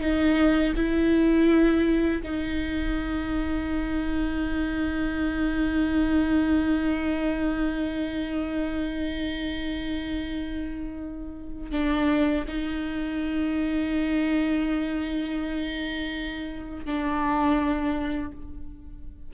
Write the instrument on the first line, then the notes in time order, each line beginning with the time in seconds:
viola
0.00 D#4
0.75 E4
2.23 D#4
11.71 D4
12.47 D#4
16.85 D4